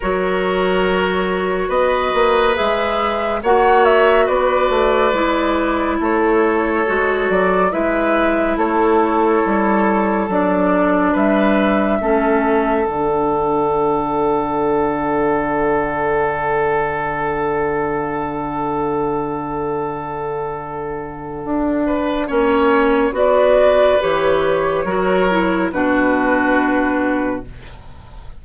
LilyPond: <<
  \new Staff \with { instrumentName = "flute" } { \time 4/4 \tempo 4 = 70 cis''2 dis''4 e''4 | fis''8 e''8 d''2 cis''4~ | cis''8 d''8 e''4 cis''2 | d''4 e''2 fis''4~ |
fis''1~ | fis''1~ | fis''2. d''4 | cis''2 b'2 | }
  \new Staff \with { instrumentName = "oboe" } { \time 4/4 ais'2 b'2 | cis''4 b'2 a'4~ | a'4 b'4 a'2~ | a'4 b'4 a'2~ |
a'1~ | a'1~ | a'4. b'8 cis''4 b'4~ | b'4 ais'4 fis'2 | }
  \new Staff \with { instrumentName = "clarinet" } { \time 4/4 fis'2. gis'4 | fis'2 e'2 | fis'4 e'2. | d'2 cis'4 d'4~ |
d'1~ | d'1~ | d'2 cis'4 fis'4 | g'4 fis'8 e'8 d'2 | }
  \new Staff \with { instrumentName = "bassoon" } { \time 4/4 fis2 b8 ais8 gis4 | ais4 b8 a8 gis4 a4 | gis8 fis8 gis4 a4 g4 | fis4 g4 a4 d4~ |
d1~ | d1~ | d4 d'4 ais4 b4 | e4 fis4 b,2 | }
>>